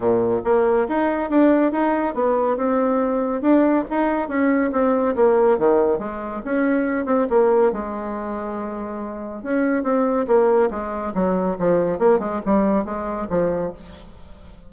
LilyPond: \new Staff \with { instrumentName = "bassoon" } { \time 4/4 \tempo 4 = 140 ais,4 ais4 dis'4 d'4 | dis'4 b4 c'2 | d'4 dis'4 cis'4 c'4 | ais4 dis4 gis4 cis'4~ |
cis'8 c'8 ais4 gis2~ | gis2 cis'4 c'4 | ais4 gis4 fis4 f4 | ais8 gis8 g4 gis4 f4 | }